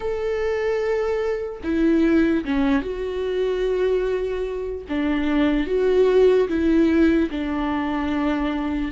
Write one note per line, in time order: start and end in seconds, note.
0.00 1.61 A4
1.63 2.44 E4
2.45 2.82 C#4
2.82 4.84 F#4
4.88 5.66 D4
5.66 6.48 F#4
6.48 7.29 E4
7.30 8.91 D4